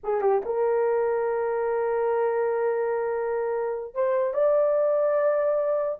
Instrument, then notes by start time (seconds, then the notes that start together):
horn
0.03 G#4
0.21 G4
0.45 A#4
3.94 C5
4.33 D5